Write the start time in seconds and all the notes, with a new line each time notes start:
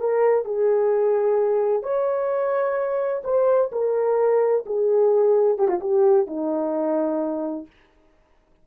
0.00 A#4
0.45 G#4
1.83 C#5
3.24 C5
3.72 A#4
4.66 G#4
5.58 G4
5.68 F4
5.81 G4
6.27 D#4